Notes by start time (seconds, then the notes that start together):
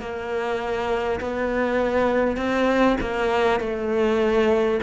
0.00 A#3
1.21 B3
2.37 C4
3.01 A#3
3.60 A3